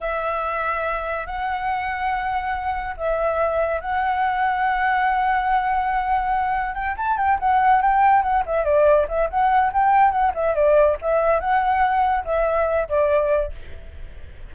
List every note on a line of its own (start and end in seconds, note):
0.00 1.26 E5
1.26 2.95 F#5
2.96 3.80 E5
3.80 6.74 F#5
6.74 6.95 G5
6.96 7.17 A5
7.17 7.38 G5
7.39 7.81 F#5
7.81 8.22 G5
8.22 8.43 F#5
8.46 8.64 E5
8.64 9.06 D5
9.08 9.29 E5
9.30 9.72 F#5
9.72 10.11 G5
10.11 10.32 F#5
10.34 10.54 E5
10.54 10.97 D5
11.01 11.40 E5
11.40 12.24 F#5
12.25 12.88 E5
12.88 13.52 D5